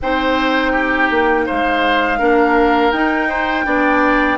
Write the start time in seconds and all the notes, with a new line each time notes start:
0.01 C4 D#4 C5 G5
0.72 G4
1.10 A#3
1.46 G#3 C5 F5
2.19 A#3 D4 A#4
2.91 D#4 G5
3.28 C5
3.64 B3 D4 D5